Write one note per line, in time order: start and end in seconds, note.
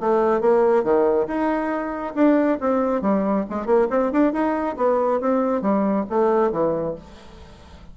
0.00 0.41 A3
0.41 0.84 A#3
0.84 1.27 D#3
1.27 2.14 D#4
2.15 2.59 D4
2.60 3.02 C4
3.02 3.45 G3
3.50 3.66 G#3
3.66 3.88 A#3
3.90 4.12 C4
4.12 4.33 D4
4.33 4.76 D#4
4.77 5.21 B3
5.21 5.62 C4
5.62 6.05 G3
6.10 6.52 A3
6.52 6.95 E3